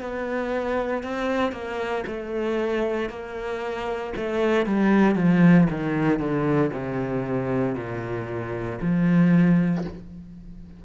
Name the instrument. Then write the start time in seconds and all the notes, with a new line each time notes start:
cello
0.00 B3
1.03 C4
1.52 A#3
2.07 A3
3.10 A#3
4.16 A3
4.66 G3
5.15 F3
5.70 D#3
6.19 D3
6.72 C3
7.75 A#2
8.81 F3